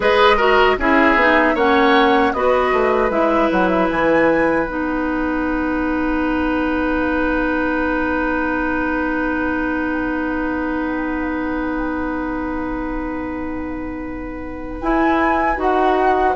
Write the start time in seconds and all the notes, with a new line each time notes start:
0.00 G#3 G#4 B4 D#5
0.36 F#4 A#4
0.78 C#4 E4 G#4 E5
1.15 B3 D#4
1.54 A#3 C#4 C#5 F#5
2.33 B3 F#4 B4 D#5
2.73 A3
3.10 G#3 E4 E5
3.51 F#3 F#5
3.68 E5
3.90 E3 G#5
4.67 B3 D#4 F#5
14.81 E4 G#5
15.56 D#4 F#4 F#5